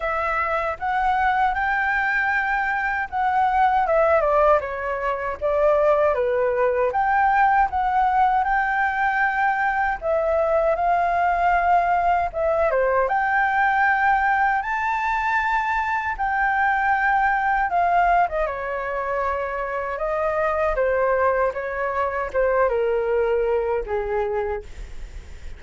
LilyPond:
\new Staff \with { instrumentName = "flute" } { \time 4/4 \tempo 4 = 78 e''4 fis''4 g''2 | fis''4 e''8 d''8 cis''4 d''4 | b'4 g''4 fis''4 g''4~ | g''4 e''4 f''2 |
e''8 c''8 g''2 a''4~ | a''4 g''2 f''8. dis''16 | cis''2 dis''4 c''4 | cis''4 c''8 ais'4. gis'4 | }